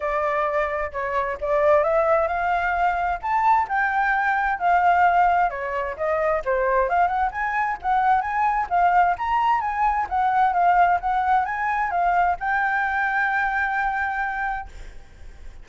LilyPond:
\new Staff \with { instrumentName = "flute" } { \time 4/4 \tempo 4 = 131 d''2 cis''4 d''4 | e''4 f''2 a''4 | g''2 f''2 | cis''4 dis''4 c''4 f''8 fis''8 |
gis''4 fis''4 gis''4 f''4 | ais''4 gis''4 fis''4 f''4 | fis''4 gis''4 f''4 g''4~ | g''1 | }